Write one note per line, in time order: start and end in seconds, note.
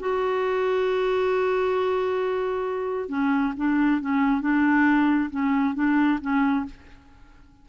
0.00 3.09 F#4
3.09 3.53 C#4
3.57 4.01 D4
4.01 4.41 C#4
4.41 5.30 D4
5.30 5.75 C#4
5.75 6.19 D4
6.21 6.65 C#4